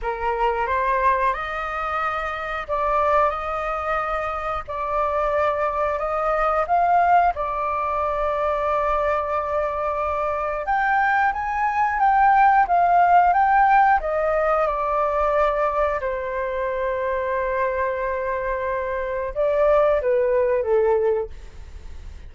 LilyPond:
\new Staff \with { instrumentName = "flute" } { \time 4/4 \tempo 4 = 90 ais'4 c''4 dis''2 | d''4 dis''2 d''4~ | d''4 dis''4 f''4 d''4~ | d''1 |
g''4 gis''4 g''4 f''4 | g''4 dis''4 d''2 | c''1~ | c''4 d''4 b'4 a'4 | }